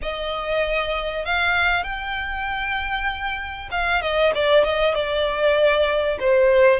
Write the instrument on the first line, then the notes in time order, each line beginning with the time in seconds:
violin
0.02 D#5
1.25 F5
1.83 G5
3.71 F5
4.01 D#5
4.34 D5
4.64 D#5
4.94 D5
6.19 C5